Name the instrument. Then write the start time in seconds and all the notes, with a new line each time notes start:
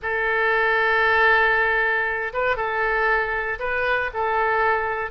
oboe
0.02 A4
2.33 B4
2.56 A4
3.59 B4
4.13 A4